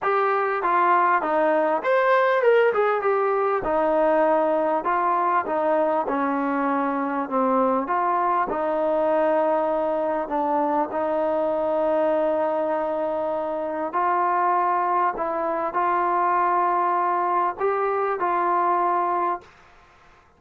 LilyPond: \new Staff \with { instrumentName = "trombone" } { \time 4/4 \tempo 4 = 99 g'4 f'4 dis'4 c''4 | ais'8 gis'8 g'4 dis'2 | f'4 dis'4 cis'2 | c'4 f'4 dis'2~ |
dis'4 d'4 dis'2~ | dis'2. f'4~ | f'4 e'4 f'2~ | f'4 g'4 f'2 | }